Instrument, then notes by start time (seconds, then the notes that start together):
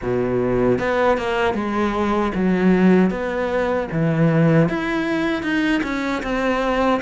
cello
0.01 B2
0.79 B3
1.17 A#3
1.54 G#3
2.34 F#3
3.10 B3
3.91 E3
4.68 E4
5.42 D#4
5.83 C#4
6.22 C4